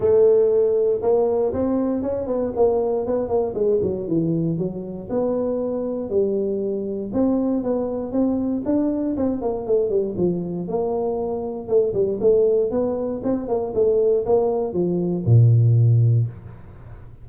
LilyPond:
\new Staff \with { instrumentName = "tuba" } { \time 4/4 \tempo 4 = 118 a2 ais4 c'4 | cis'8 b8 ais4 b8 ais8 gis8 fis8 | e4 fis4 b2 | g2 c'4 b4 |
c'4 d'4 c'8 ais8 a8 g8 | f4 ais2 a8 g8 | a4 b4 c'8 ais8 a4 | ais4 f4 ais,2 | }